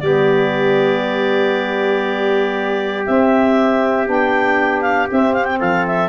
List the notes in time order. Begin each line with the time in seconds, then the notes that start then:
0.00 G3 B3 G4 D5
3.05 C4 E5
4.05 B3 D4 G5
4.81 F5
5.09 C4 E5
5.34 F5
5.45 G5
5.59 F3 A4 F5
5.87 E5